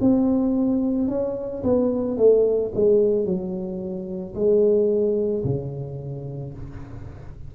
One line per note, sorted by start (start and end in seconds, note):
0.00 1.08 C4
1.08 1.62 C#4
1.63 2.17 B3
2.17 2.71 A3
2.74 3.25 G#3
3.25 4.34 F#3
4.35 5.44 G#3
5.44 6.53 C#3